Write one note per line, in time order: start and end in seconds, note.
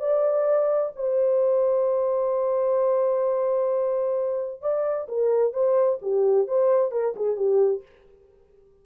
0.00 0.92 D5
0.96 4.62 C5
4.62 5.08 D5
5.09 5.53 A#4
5.53 5.99 C5
6.02 6.48 G4
6.48 6.92 C5
6.92 7.15 A#4
7.16 7.37 G#4
7.37 7.83 G4